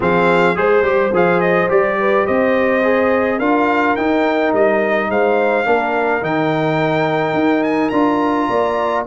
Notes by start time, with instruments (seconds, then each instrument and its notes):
0.00 tuba F3, trombone C4, horn G#4, trumpet F5
0.55 tuba G#3, trombone G#4, trumpet C5, horn C5
0.82 tuba G3, trombone G4
1.12 tuba F3, trombone G#4, trumpet F5
1.40 trumpet D#5
1.68 tuba G3, trombone G4, trumpet D5
1.99 horn B4
2.25 tuba C4, horn C5, trumpet D#5
2.83 trombone G#4
3.38 tuba D4, trombone F4, horn A#4, trumpet F5
3.96 tuba D#4, trombone D#4, trumpet G5
4.52 tuba G3, trumpet D#5
5.09 tuba G#3, horn C5, trumpet F5
5.64 tuba A#3, trombone D4, horn A#4
6.21 tuba D#3, trombone D#4, trumpet G5
7.33 tuba D#4
7.63 trumpet G#5
7.89 tuba D4, trombone F4, trumpet A#5
8.49 tuba A#3, horn D5